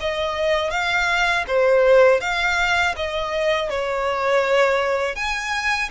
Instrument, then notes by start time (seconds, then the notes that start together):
violin
0.00 D#5
0.70 F5
1.47 C5
2.21 F5
2.96 D#5
3.70 C#5
5.15 G#5